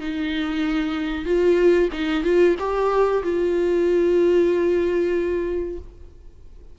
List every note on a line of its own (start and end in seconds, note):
0.00 1.25 D#4
1.25 1.89 F4
1.92 2.24 D#4
2.24 2.56 F4
2.59 3.23 G4
3.23 5.79 F4